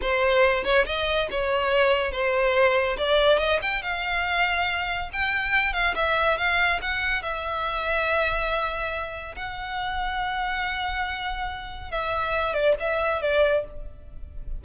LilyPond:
\new Staff \with { instrumentName = "violin" } { \time 4/4 \tempo 4 = 141 c''4. cis''8 dis''4 cis''4~ | cis''4 c''2 d''4 | dis''8 g''8 f''2. | g''4. f''8 e''4 f''4 |
fis''4 e''2.~ | e''2 fis''2~ | fis''1 | e''4. d''8 e''4 d''4 | }